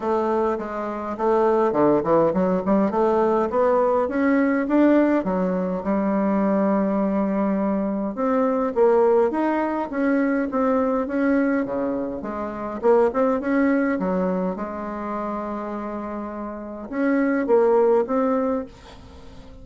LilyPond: \new Staff \with { instrumentName = "bassoon" } { \time 4/4 \tempo 4 = 103 a4 gis4 a4 d8 e8 | fis8 g8 a4 b4 cis'4 | d'4 fis4 g2~ | g2 c'4 ais4 |
dis'4 cis'4 c'4 cis'4 | cis4 gis4 ais8 c'8 cis'4 | fis4 gis2.~ | gis4 cis'4 ais4 c'4 | }